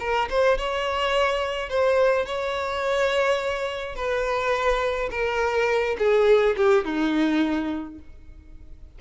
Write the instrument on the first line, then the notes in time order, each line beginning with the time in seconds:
violin
0.00 A#4
0.30 C5
0.58 C#5
1.70 C5
2.26 C#5
3.95 B4
5.11 A#4
5.99 G#4
6.57 G4
6.85 D#4